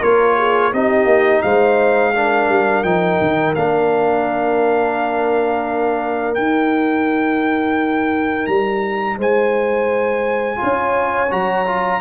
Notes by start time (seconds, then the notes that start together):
0.00 A#3 F4 A#4 C#5
0.37 G#4
0.73 C4 D#4 G4 D#5
1.05 A#3
1.42 G#3 C5 F5
2.15 D4 A#4
2.49 G3
2.84 F3 D#4 G5
3.21 D#3
3.56 A#3 D4 F5
6.35 D#4 G5
8.47 G3 A#5
9.18 G#3 C5 G#5
10.56 F4 C#5
10.63 C#4
11.30 F#3 F#4 A#5
11.67 F4